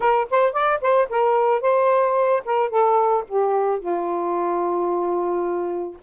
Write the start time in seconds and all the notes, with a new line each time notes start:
0.00 A#4
0.30 C5
0.52 D5
0.81 C5
1.09 A#4
1.61 C5
2.45 A#4
2.69 A4
3.28 G4
3.79 F4